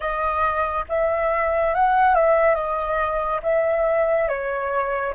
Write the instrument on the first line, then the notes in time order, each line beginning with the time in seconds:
flute
0.00 D#5
0.88 E5
1.74 F#5
2.14 E5
2.54 D#5
3.42 E5
4.28 C#5